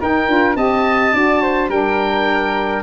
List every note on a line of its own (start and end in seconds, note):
0.00 0.28 D#4
0.00 0.57 A#4
0.00 0.56 G5
0.28 0.55 D4
0.28 0.55 F4
0.55 1.12 C4
0.55 1.12 G4
0.55 1.13 D#5
0.55 1.70 A5
1.12 1.68 D4
1.12 1.69 F#4
1.12 1.42 D5
1.42 1.69 C5
1.68 2.82 G3
1.68 2.82 D4
1.68 2.82 A#4
1.68 2.82 G5